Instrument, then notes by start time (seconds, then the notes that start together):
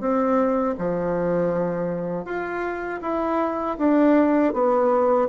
bassoon
0.00 C4
0.78 F3
2.25 F4
3.02 E4
3.78 D4
4.53 B3